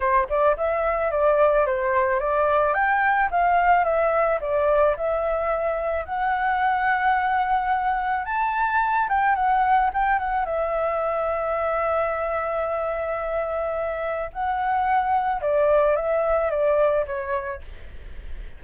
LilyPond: \new Staff \with { instrumentName = "flute" } { \time 4/4 \tempo 4 = 109 c''8 d''8 e''4 d''4 c''4 | d''4 g''4 f''4 e''4 | d''4 e''2 fis''4~ | fis''2. a''4~ |
a''8 g''8 fis''4 g''8 fis''8 e''4~ | e''1~ | e''2 fis''2 | d''4 e''4 d''4 cis''4 | }